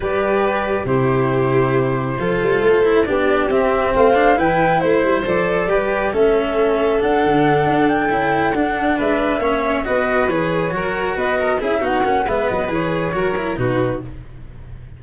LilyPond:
<<
  \new Staff \with { instrumentName = "flute" } { \time 4/4 \tempo 4 = 137 d''2 c''2~ | c''2. d''4 | e''4 f''4 g''4 c''4 | d''2 e''2 |
fis''2 g''4. fis''8~ | fis''8 e''2 dis''4 cis''8~ | cis''4. dis''4 e''8 fis''4 | e''8 dis''8 cis''2 b'4 | }
  \new Staff \with { instrumentName = "violin" } { \time 4/4 b'2 g'2~ | g'4 a'2 g'4~ | g'4 c''4 b'4 c''4~ | c''4 b'4 a'2~ |
a'1~ | a'8 b'4 cis''4 b'4.~ | b'8 ais'4 b'8 ais'8 gis'8 fis'4 | b'2 ais'4 fis'4 | }
  \new Staff \with { instrumentName = "cello" } { \time 4/4 g'2 e'2~ | e'4 f'4. e'8 d'4 | c'4. d'8 e'2 | a'4 g'4 cis'2 |
d'2~ d'8 e'4 d'8~ | d'4. cis'4 fis'4 gis'8~ | gis'8 fis'2 e'8 dis'8 cis'8 | b4 gis'4 fis'8 e'8 dis'4 | }
  \new Staff \with { instrumentName = "tuba" } { \time 4/4 g2 c2~ | c4 f8 g8 a4 b4 | c'4 a4 e4 a8 g8 | f4 g4 a2 |
d'8 d4 d'4 cis'4 d'8~ | d'8 gis4 ais4 b4 e8~ | e8 fis4 b4 cis'8 b8 ais8 | gis8 fis8 e4 fis4 b,4 | }
>>